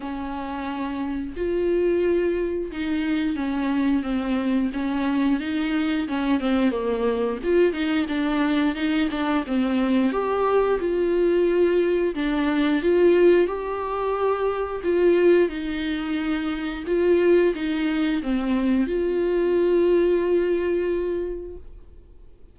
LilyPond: \new Staff \with { instrumentName = "viola" } { \time 4/4 \tempo 4 = 89 cis'2 f'2 | dis'4 cis'4 c'4 cis'4 | dis'4 cis'8 c'8 ais4 f'8 dis'8 | d'4 dis'8 d'8 c'4 g'4 |
f'2 d'4 f'4 | g'2 f'4 dis'4~ | dis'4 f'4 dis'4 c'4 | f'1 | }